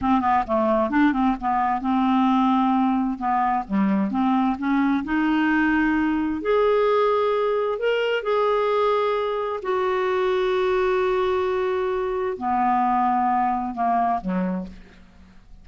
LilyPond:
\new Staff \with { instrumentName = "clarinet" } { \time 4/4 \tempo 4 = 131 c'8 b8 a4 d'8 c'8 b4 | c'2. b4 | g4 c'4 cis'4 dis'4~ | dis'2 gis'2~ |
gis'4 ais'4 gis'2~ | gis'4 fis'2.~ | fis'2. b4~ | b2 ais4 fis4 | }